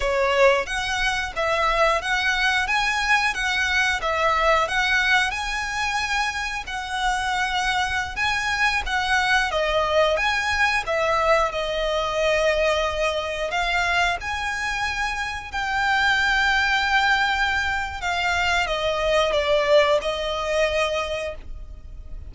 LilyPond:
\new Staff \with { instrumentName = "violin" } { \time 4/4 \tempo 4 = 90 cis''4 fis''4 e''4 fis''4 | gis''4 fis''4 e''4 fis''4 | gis''2 fis''2~ | fis''16 gis''4 fis''4 dis''4 gis''8.~ |
gis''16 e''4 dis''2~ dis''8.~ | dis''16 f''4 gis''2 g''8.~ | g''2. f''4 | dis''4 d''4 dis''2 | }